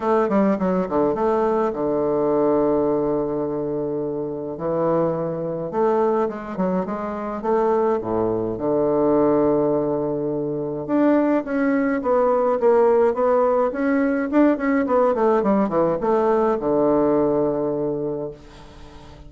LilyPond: \new Staff \with { instrumentName = "bassoon" } { \time 4/4 \tempo 4 = 105 a8 g8 fis8 d8 a4 d4~ | d1 | e2 a4 gis8 fis8 | gis4 a4 a,4 d4~ |
d2. d'4 | cis'4 b4 ais4 b4 | cis'4 d'8 cis'8 b8 a8 g8 e8 | a4 d2. | }